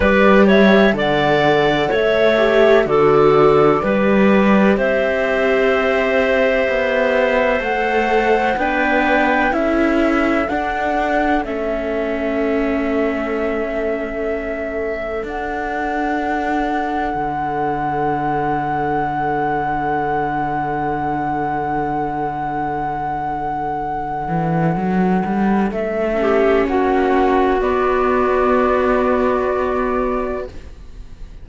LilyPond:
<<
  \new Staff \with { instrumentName = "flute" } { \time 4/4 \tempo 4 = 63 d''8 e''8 fis''4 e''4 d''4~ | d''4 e''2. | fis''4 g''4 e''4 fis''4 | e''1 |
fis''1~ | fis''1~ | fis''2. e''4 | fis''4 d''2. | }
  \new Staff \with { instrumentName = "clarinet" } { \time 4/4 b'8 cis''8 d''4 cis''4 a'4 | b'4 c''2.~ | c''4 b'4 a'2~ | a'1~ |
a'1~ | a'1~ | a'2.~ a'8 g'8 | fis'1 | }
  \new Staff \with { instrumentName = "viola" } { \time 4/4 g'4 a'4. g'8 fis'4 | g'1 | a'4 d'4 e'4 d'4 | cis'1 |
d'1~ | d'1~ | d'2.~ d'8 cis'8~ | cis'4 b2. | }
  \new Staff \with { instrumentName = "cello" } { \time 4/4 g4 d4 a4 d4 | g4 c'2 b4 | a4 b4 cis'4 d'4 | a1 |
d'2 d2~ | d1~ | d4. e8 fis8 g8 a4 | ais4 b2. | }
>>